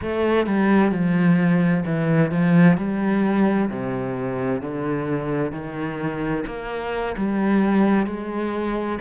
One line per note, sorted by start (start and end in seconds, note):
0.01 0.46 A3
0.46 0.91 G3
0.91 1.83 F3
1.85 2.31 E3
2.31 2.77 F3
2.77 3.69 G3
3.69 4.61 C3
4.61 5.51 D3
5.51 6.44 D#3
6.46 7.15 A#3
7.16 8.06 G3
8.06 8.98 G#3